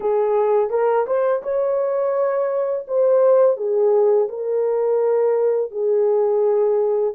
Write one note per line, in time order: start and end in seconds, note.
0.00 0.70 G#4
0.70 1.06 A#4
1.06 1.42 C5
1.43 2.85 C#5
2.87 3.56 C5
3.56 4.28 G#4
4.29 5.71 A#4
5.71 7.14 G#4